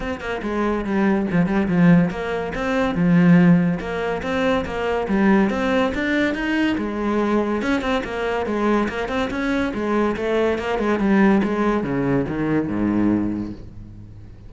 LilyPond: \new Staff \with { instrumentName = "cello" } { \time 4/4 \tempo 4 = 142 c'8 ais8 gis4 g4 f8 g8 | f4 ais4 c'4 f4~ | f4 ais4 c'4 ais4 | g4 c'4 d'4 dis'4 |
gis2 cis'8 c'8 ais4 | gis4 ais8 c'8 cis'4 gis4 | a4 ais8 gis8 g4 gis4 | cis4 dis4 gis,2 | }